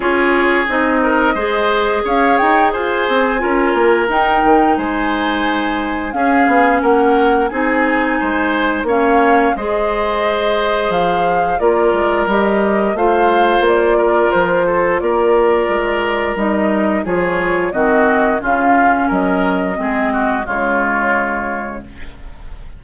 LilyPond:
<<
  \new Staff \with { instrumentName = "flute" } { \time 4/4 \tempo 4 = 88 cis''4 dis''2 f''8 g''8 | gis''2 g''4 gis''4~ | gis''4 f''4 fis''4 gis''4~ | gis''4 f''4 dis''2 |
f''4 d''4 dis''4 f''4 | d''4 c''4 d''2 | dis''4 cis''4 dis''4 f''4 | dis''2 cis''2 | }
  \new Staff \with { instrumentName = "oboe" } { \time 4/4 gis'4. ais'8 c''4 cis''4 | c''4 ais'2 c''4~ | c''4 gis'4 ais'4 gis'4 | c''4 cis''4 c''2~ |
c''4 ais'2 c''4~ | c''8 ais'4 a'8 ais'2~ | ais'4 gis'4 fis'4 f'4 | ais'4 gis'8 fis'8 f'2 | }
  \new Staff \with { instrumentName = "clarinet" } { \time 4/4 f'4 dis'4 gis'2~ | gis'4 f'4 dis'2~ | dis'4 cis'2 dis'4~ | dis'4 cis'4 gis'2~ |
gis'4 f'4 g'4 f'4~ | f'1 | dis'4 f'4 c'4 cis'4~ | cis'4 c'4 gis2 | }
  \new Staff \with { instrumentName = "bassoon" } { \time 4/4 cis'4 c'4 gis4 cis'8 dis'8 | f'8 c'8 cis'8 ais8 dis'8 dis8 gis4~ | gis4 cis'8 b8 ais4 c'4 | gis4 ais4 gis2 |
f4 ais8 gis8 g4 a4 | ais4 f4 ais4 gis4 | g4 f4 dis4 cis4 | fis4 gis4 cis2 | }
>>